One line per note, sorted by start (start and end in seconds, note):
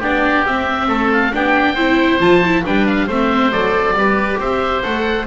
0.00 0.46 B3
0.00 0.46 D4
0.00 0.88 G4
0.00 0.46 D5
0.46 1.33 C4
0.46 0.89 C4
0.46 1.12 E5
0.88 1.33 A3
0.88 1.32 A4
1.13 1.35 F5
1.33 1.76 B3
1.33 1.76 D4
1.33 1.75 G4
1.33 2.21 G5
1.75 2.20 C4
1.75 2.20 E4
1.75 2.62 C5
2.20 2.65 F3
2.20 2.42 F4
2.20 2.65 A5
2.45 2.65 E4
2.65 3.08 G3
2.65 3.09 D4
2.65 3.07 B4
2.65 2.87 G5
2.87 3.09 F5
3.07 3.52 A3
3.07 3.53 C4
3.07 3.95 C5
3.07 3.52 E5
3.52 3.93 F#3
3.52 3.97 A4
3.52 4.40 D5
3.93 4.37 G3
3.93 4.40 B4
3.99 4.84 G4
4.39 4.83 C4
4.39 5.27 C5
4.39 4.83 E5
4.83 5.27 A3
4.83 5.27 A4
4.83 5.27 F#5